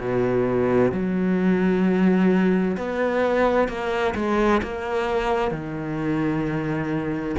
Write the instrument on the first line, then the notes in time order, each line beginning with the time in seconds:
cello
0.00 B2
0.92 F#3
2.77 B3
3.69 A#3
4.15 G#3
4.63 A#3
5.51 D#3